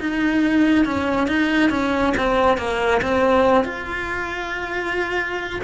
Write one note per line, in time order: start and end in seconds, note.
0.00 0.85 D#4
0.85 1.27 C#4
1.27 1.70 D#4
1.70 2.13 C#4
2.17 2.58 C4
2.58 3.01 A#3
3.01 3.64 C4
3.64 5.60 F4